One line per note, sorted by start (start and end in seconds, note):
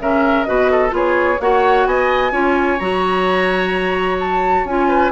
0.00 0.47 C#3
0.00 0.47 C#4
0.00 0.48 A#4
0.00 0.44 E5
0.44 0.93 B2
0.44 0.90 F#4
0.44 0.72 B4
0.44 0.91 D#5
0.72 0.95 A4
0.90 1.39 B3
0.90 1.36 F4
0.90 1.42 G#4
0.90 1.41 C#5
1.41 1.87 A#3
1.41 2.32 F#4
1.41 1.88 C#5
1.41 1.87 F#5
1.87 2.32 B3
1.87 2.32 D#5
1.87 2.80 G#5
2.32 2.78 C#4
2.32 2.78 F4
2.32 4.88 C#5
2.80 4.65 F#3
2.80 4.67 F#4
2.80 4.19 A#5
4.20 4.66 A5
4.65 5.11 C#4
4.65 5.12 F4
4.65 5.12 G#5
4.89 5.12 B4